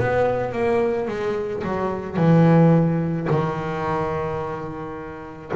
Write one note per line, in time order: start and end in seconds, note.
0.00 0.53 B3
0.53 1.08 A#3
1.08 1.64 G#3
1.64 2.17 F#3
2.17 3.28 E3
3.31 5.53 D#3